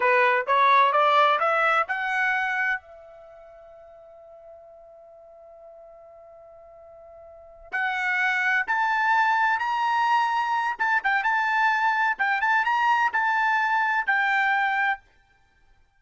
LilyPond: \new Staff \with { instrumentName = "trumpet" } { \time 4/4 \tempo 4 = 128 b'4 cis''4 d''4 e''4 | fis''2 e''2~ | e''1~ | e''1~ |
e''8 fis''2 a''4.~ | a''8 ais''2~ ais''8 a''8 g''8 | a''2 g''8 a''8 ais''4 | a''2 g''2 | }